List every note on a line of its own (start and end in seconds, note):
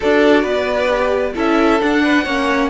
0.00 0.44 D4
0.00 0.87 F#4
0.00 0.42 A4
0.00 1.36 D5
0.42 1.34 B3
0.42 1.32 B4
0.87 1.32 G4
1.34 1.81 C#4
1.34 1.79 E4
1.34 2.03 A4
1.34 1.81 E5
1.79 2.25 D4
1.79 2.69 F#5
2.03 2.24 B4
2.24 2.69 A#3
2.24 2.69 C#4
2.24 2.69 C#5